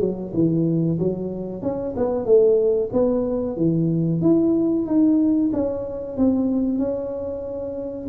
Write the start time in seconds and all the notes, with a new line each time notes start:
0.00 F#3
0.33 E3
0.99 F#3
1.62 C#4
1.96 B3
2.25 A3
2.92 B3
3.57 E3
4.21 E4
4.86 D#4
5.53 C#4
6.17 C4
6.78 C#4